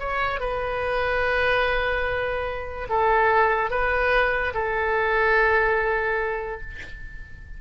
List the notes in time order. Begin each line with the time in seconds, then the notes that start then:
0.00 C#5
0.40 B4
2.89 A4
3.71 B4
4.54 A4